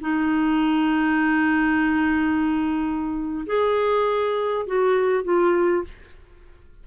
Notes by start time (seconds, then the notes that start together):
0.00 D#4
3.46 G#4
4.66 F#4
5.23 F4